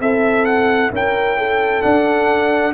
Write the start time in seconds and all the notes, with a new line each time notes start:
0.00 C4 E4 A4 E5
0.45 F#5
0.91 C#4 A#4 G5
1.37 A4
1.82 D4 F#5